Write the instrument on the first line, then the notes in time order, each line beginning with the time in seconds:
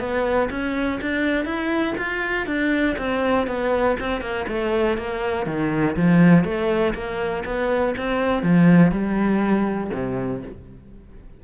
cello
0.00 B3
0.51 C#4
1.02 D4
1.45 E4
1.98 F4
2.47 D4
2.98 C4
3.47 B3
4.00 C4
4.21 A#3
4.48 A3
4.98 A#3
5.47 D#3
5.97 F3
6.45 A3
6.94 A#3
7.45 B3
7.97 C4
8.43 F3
8.92 G3
9.94 C3